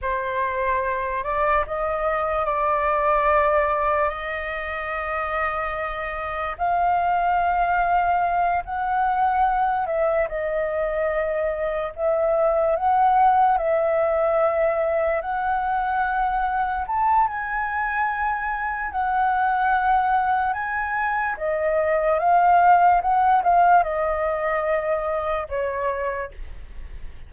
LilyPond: \new Staff \with { instrumentName = "flute" } { \time 4/4 \tempo 4 = 73 c''4. d''8 dis''4 d''4~ | d''4 dis''2. | f''2~ f''8 fis''4. | e''8 dis''2 e''4 fis''8~ |
fis''8 e''2 fis''4.~ | fis''8 a''8 gis''2 fis''4~ | fis''4 gis''4 dis''4 f''4 | fis''8 f''8 dis''2 cis''4 | }